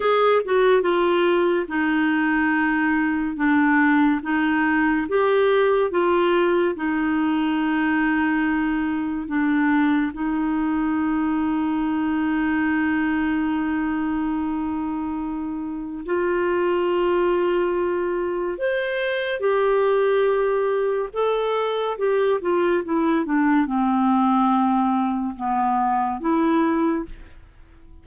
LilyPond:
\new Staff \with { instrumentName = "clarinet" } { \time 4/4 \tempo 4 = 71 gis'8 fis'8 f'4 dis'2 | d'4 dis'4 g'4 f'4 | dis'2. d'4 | dis'1~ |
dis'2. f'4~ | f'2 c''4 g'4~ | g'4 a'4 g'8 f'8 e'8 d'8 | c'2 b4 e'4 | }